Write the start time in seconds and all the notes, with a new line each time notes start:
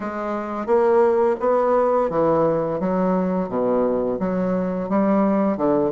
0.00 G#3
0.66 A#3
1.40 B3
2.10 E3
2.80 F#3
3.49 B2
4.19 F#3
4.89 G3
5.57 D3